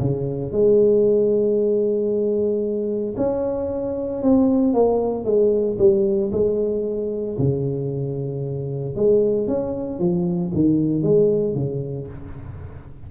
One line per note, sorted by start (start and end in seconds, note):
0.00 0.52 C#3
0.52 3.15 G#3
3.17 4.22 C#4
4.22 4.73 C4
4.73 5.25 A#3
5.25 5.77 G#3
5.78 6.31 G3
6.32 7.37 G#3
7.39 8.96 C#3
8.96 9.47 G#3
9.47 9.99 C#4
9.99 10.52 F3
10.54 11.03 D#3
11.03 11.55 G#3
11.55 12.07 C#3